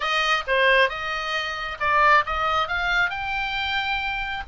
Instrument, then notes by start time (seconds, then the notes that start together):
oboe
0.00 D#5
0.47 C5
0.89 D#5
1.80 D5
2.26 D#5
2.68 F5
3.10 G5